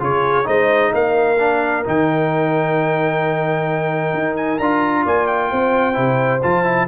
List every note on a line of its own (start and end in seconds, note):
0.00 0.46 C#3
0.00 0.45 F4
0.00 0.47 G#4
0.00 0.48 C#5
0.45 0.93 G#3
0.45 1.37 D#4
0.45 0.93 C5
0.45 0.94 D#5
0.94 1.85 A#3
0.94 5.04 A#4
0.94 1.87 F5
1.39 1.85 D4
1.85 4.14 D#3
1.85 4.60 D#4
1.85 4.37 G5
4.14 4.59 D#4
4.37 4.59 G#5
4.59 5.05 D4
4.59 5.94 F4
4.59 5.05 A#5
5.04 5.52 A#3
5.04 5.50 D5
5.04 5.27 G#5
5.27 6.42 G5
5.51 5.98 C4
5.51 6.89 C5
5.94 6.44 C3
5.94 6.40 E4
6.43 6.89 F3
6.43 6.65 F4
6.43 6.89 A5
6.65 6.88 E4